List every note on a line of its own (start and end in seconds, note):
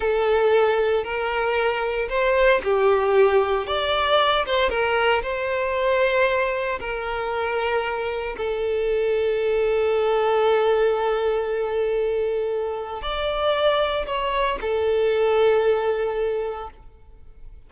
0.00 1.03 A4
1.03 2.08 A#4
2.09 2.61 C5
2.63 3.66 G4
3.66 4.45 D5
4.45 4.69 C5
4.69 5.22 A#4
5.22 6.79 C5
6.79 8.36 A#4
8.37 13.02 A4
13.02 14.06 D5
14.06 14.58 C#5
14.61 16.70 A4